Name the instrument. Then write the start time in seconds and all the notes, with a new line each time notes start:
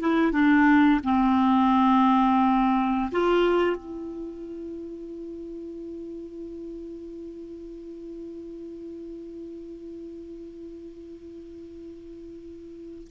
clarinet
0.00 E4
0.32 D4
1.04 C4
3.12 F4
3.76 E4